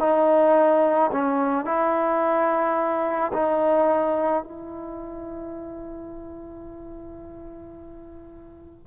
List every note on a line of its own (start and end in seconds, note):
0.00 1.11 D#4
1.12 1.65 C#4
1.65 3.32 E4
3.33 4.43 D#4
4.43 8.87 E4